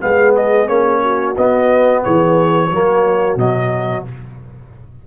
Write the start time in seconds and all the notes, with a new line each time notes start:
0.00 G#3 B3 G#4 F5
0.35 D#5
0.67 A#3 C#4 C#5
1.01 F#4
1.36 B3 D#5
2.03 E3 G#4 C#5
2.71 F#3 A#3 F#4
3.36 B2 F#3 D#5